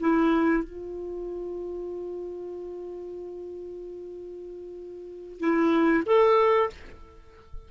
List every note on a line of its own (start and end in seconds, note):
0.00 0.64 E4
0.64 5.40 F4
5.40 6.03 E4
6.06 6.70 A4